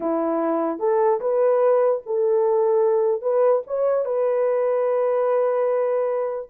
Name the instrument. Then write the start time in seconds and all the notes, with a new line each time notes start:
horn
0.00 E4
0.79 A4
1.20 B4
2.05 A4
3.21 B4
3.66 C#5
4.05 B4